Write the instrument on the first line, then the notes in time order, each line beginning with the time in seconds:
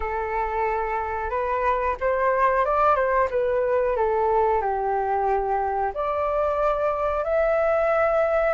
flute
0.00 A4
1.30 B4
2.00 C5
2.65 D5
2.95 C5
3.30 B4
3.96 A4
4.61 G4
5.93 D5
7.23 E5